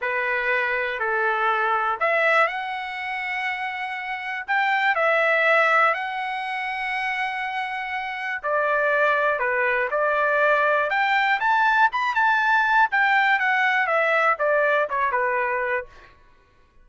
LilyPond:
\new Staff \with { instrumentName = "trumpet" } { \time 4/4 \tempo 4 = 121 b'2 a'2 | e''4 fis''2.~ | fis''4 g''4 e''2 | fis''1~ |
fis''4 d''2 b'4 | d''2 g''4 a''4 | b''8 a''4. g''4 fis''4 | e''4 d''4 cis''8 b'4. | }